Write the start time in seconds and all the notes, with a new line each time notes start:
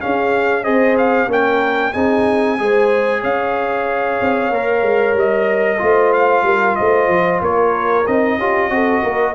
0.00 C#4 G#4 F5
0.63 C4 G#4 C5 D#5
0.97 F5
1.27 A#3 C#4 A#4 G5
1.92 C4 D#4 G#4 G#5
2.58 G#3 G#4 C5
3.20 C#4 C#5 F5
4.21 C4
4.50 A#3 A#4
4.82 G#3
5.13 G3 D#5
5.78 A3 F4 C5
6.12 F5
6.42 G3 A#4
6.75 A3 C5 D#5
7.08 F3
7.41 A#3 A#4 C#5
8.06 C4 D#4 D#5
8.37 C#4 F4 G4
8.70 C4 F#4 A4
9.02 A#3 A#4